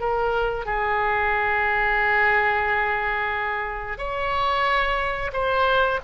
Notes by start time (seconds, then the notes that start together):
0.00 A#4
0.65 G#4
3.98 C#5
5.33 C5